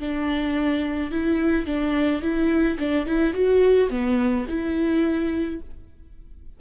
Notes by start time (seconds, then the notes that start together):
0.00 D4
1.12 E4
1.66 D4
2.23 E4
2.79 D4
3.06 E4
3.34 F#4
3.90 B3
4.49 E4